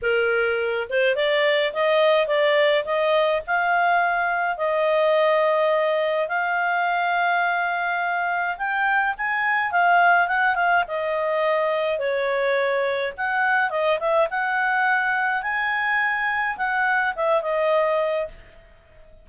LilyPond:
\new Staff \with { instrumentName = "clarinet" } { \time 4/4 \tempo 4 = 105 ais'4. c''8 d''4 dis''4 | d''4 dis''4 f''2 | dis''2. f''4~ | f''2. g''4 |
gis''4 f''4 fis''8 f''8 dis''4~ | dis''4 cis''2 fis''4 | dis''8 e''8 fis''2 gis''4~ | gis''4 fis''4 e''8 dis''4. | }